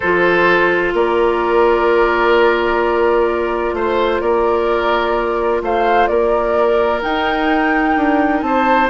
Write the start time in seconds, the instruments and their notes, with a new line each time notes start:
0.00 bassoon F3, clarinet F4, oboe A4, flute C5
0.93 bassoon A#3, oboe A#4, flute D5
3.73 bassoon A3, oboe C5, flute C5
4.21 bassoon A#3, oboe A#4, flute D5
5.62 bassoon A3, oboe C5, flute F5
6.07 bassoon A#3, oboe A#4, flute D5
7.02 clarinet D#4, bassoon D#4, flute G5
7.96 bassoon D4
8.41 bassoon C4, oboe C5, flute A5